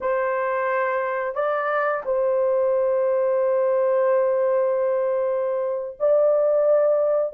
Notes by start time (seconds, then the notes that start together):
0.00 C5
1.34 D5
2.05 C5
5.99 D5